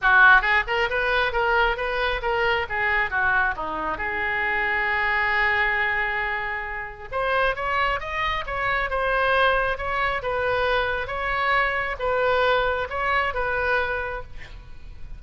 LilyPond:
\new Staff \with { instrumentName = "oboe" } { \time 4/4 \tempo 4 = 135 fis'4 gis'8 ais'8 b'4 ais'4 | b'4 ais'4 gis'4 fis'4 | dis'4 gis'2.~ | gis'1 |
c''4 cis''4 dis''4 cis''4 | c''2 cis''4 b'4~ | b'4 cis''2 b'4~ | b'4 cis''4 b'2 | }